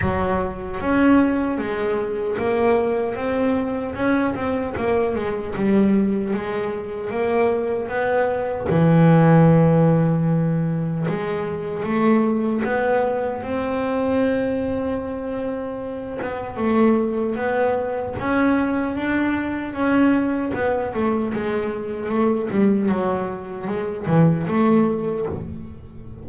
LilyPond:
\new Staff \with { instrumentName = "double bass" } { \time 4/4 \tempo 4 = 76 fis4 cis'4 gis4 ais4 | c'4 cis'8 c'8 ais8 gis8 g4 | gis4 ais4 b4 e4~ | e2 gis4 a4 |
b4 c'2.~ | c'8 b8 a4 b4 cis'4 | d'4 cis'4 b8 a8 gis4 | a8 g8 fis4 gis8 e8 a4 | }